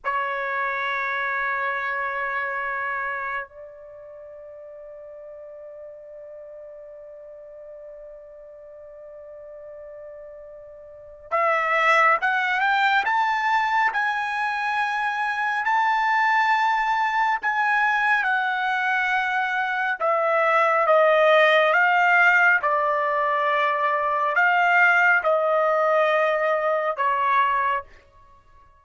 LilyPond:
\new Staff \with { instrumentName = "trumpet" } { \time 4/4 \tempo 4 = 69 cis''1 | d''1~ | d''1~ | d''4 e''4 fis''8 g''8 a''4 |
gis''2 a''2 | gis''4 fis''2 e''4 | dis''4 f''4 d''2 | f''4 dis''2 cis''4 | }